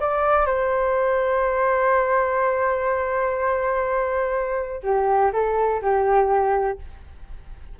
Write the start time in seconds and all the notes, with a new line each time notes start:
0.00 D5
0.46 C5
4.83 G4
5.33 A4
5.82 G4